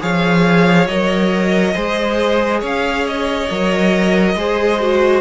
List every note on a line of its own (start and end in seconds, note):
0.00 0.87 F3
0.00 0.87 G#4
0.00 1.74 C#5
0.00 0.86 F5
0.86 1.74 F#3
0.86 1.74 A#4
0.86 2.60 D#5
1.74 2.62 G#3
1.74 3.48 G#4
1.74 2.59 C5
2.59 3.49 C#4
2.59 4.33 C#5
2.59 3.07 F5
3.07 5.20 D#5
3.50 4.35 F#3
3.50 4.37 A#4
4.35 5.20 G#3
4.35 4.80 G#4
4.35 5.20 C5
4.80 5.20 F#4